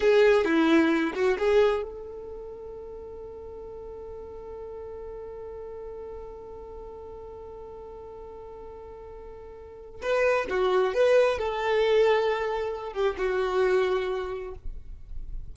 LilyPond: \new Staff \with { instrumentName = "violin" } { \time 4/4 \tempo 4 = 132 gis'4 e'4. fis'8 gis'4 | a'1~ | a'1~ | a'1~ |
a'1~ | a'2 b'4 fis'4 | b'4 a'2.~ | a'8 g'8 fis'2. | }